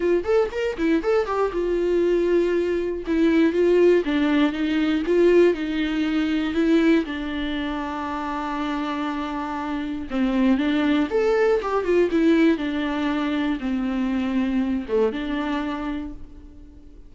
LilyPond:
\new Staff \with { instrumentName = "viola" } { \time 4/4 \tempo 4 = 119 f'8 a'8 ais'8 e'8 a'8 g'8 f'4~ | f'2 e'4 f'4 | d'4 dis'4 f'4 dis'4~ | dis'4 e'4 d'2~ |
d'1 | c'4 d'4 a'4 g'8 f'8 | e'4 d'2 c'4~ | c'4. a8 d'2 | }